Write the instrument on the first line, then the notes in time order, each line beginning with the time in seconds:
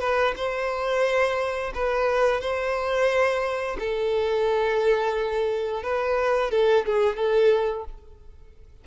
violin
0.00 B4
0.36 C5
1.74 B4
2.40 C5
3.79 A4
5.83 B4
6.51 A4
6.86 G#4
7.16 A4